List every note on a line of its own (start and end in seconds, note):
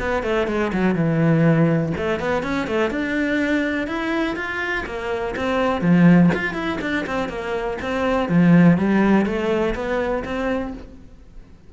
0.00 0.23 B3
0.23 0.47 A3
0.48 0.72 G#3
0.73 0.95 F#3
0.95 1.93 E3
1.98 2.20 A3
2.20 2.43 B3
2.43 2.68 C#4
2.68 2.91 A3
2.91 3.88 D4
3.88 4.36 E4
4.37 4.85 F4
4.86 5.35 A#3
5.37 5.82 C4
5.82 6.30 F3
6.35 6.55 F4
6.55 6.79 E4
6.82 7.06 D4
7.07 7.29 C4
7.29 7.78 A#3
7.82 8.29 C4
8.29 8.78 F3
8.78 9.26 G3
9.26 9.75 A3
9.75 10.24 B3
10.25 10.74 C4